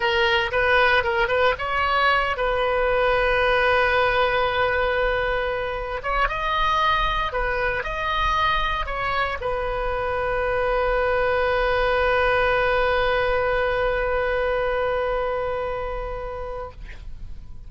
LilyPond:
\new Staff \with { instrumentName = "oboe" } { \time 4/4 \tempo 4 = 115 ais'4 b'4 ais'8 b'8 cis''4~ | cis''8 b'2.~ b'8~ | b'2.~ b'8 cis''8 | dis''2 b'4 dis''4~ |
dis''4 cis''4 b'2~ | b'1~ | b'1~ | b'1 | }